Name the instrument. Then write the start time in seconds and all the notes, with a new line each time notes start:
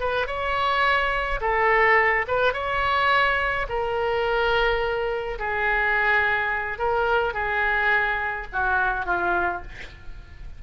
oboe
0.00 B4
0.27 C#5
1.40 A4
2.27 B4
2.53 C#5
3.68 A#4
5.39 G#4
6.78 A#4
7.34 G#4
8.52 F#4
9.05 F4